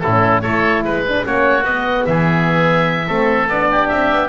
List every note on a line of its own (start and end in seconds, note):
0.00 0.43 A2
0.00 0.45 C#4
0.00 0.42 E4
0.00 0.41 A4
0.42 0.84 A3
0.42 1.06 E4
0.42 0.84 A4
0.42 0.83 C#5
0.84 1.25 G#3
0.84 1.25 B4
0.84 1.27 B4
1.08 1.23 D4
1.23 1.64 A#3
1.23 1.64 C#4
1.23 2.07 F#4
1.23 1.65 C#5
1.64 2.05 B3
1.64 3.08 B3
1.64 2.05 D#5
2.06 3.09 E3
2.06 3.07 G#4
2.06 3.49 E5
3.07 3.48 A3
3.07 3.49 C4
3.07 3.68 A4
3.48 3.89 B3
3.48 4.29 D4
3.48 3.89 D5
3.71 4.29 G4
3.89 4.11 C4
3.89 4.29 E5
4.11 4.29 B3